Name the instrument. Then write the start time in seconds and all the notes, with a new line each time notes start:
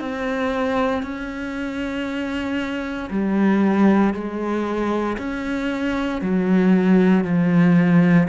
cello
0.00 C4
1.03 C#4
3.10 G3
4.14 G#3
5.18 C#4
6.22 F#3
7.24 F3